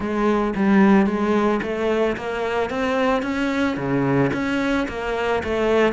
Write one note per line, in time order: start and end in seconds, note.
0.00 0.54 G#3
0.55 1.06 G3
1.06 1.60 G#3
1.62 2.16 A3
2.16 2.70 A#3
2.70 3.22 C4
3.22 3.76 C#4
3.76 4.30 C#3
4.33 4.87 C#4
4.88 5.42 A#3
5.43 5.93 A3